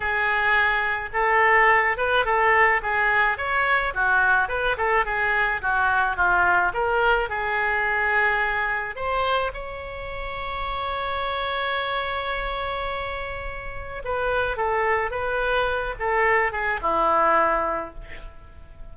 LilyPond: \new Staff \with { instrumentName = "oboe" } { \time 4/4 \tempo 4 = 107 gis'2 a'4. b'8 | a'4 gis'4 cis''4 fis'4 | b'8 a'8 gis'4 fis'4 f'4 | ais'4 gis'2. |
c''4 cis''2.~ | cis''1~ | cis''4 b'4 a'4 b'4~ | b'8 a'4 gis'8 e'2 | }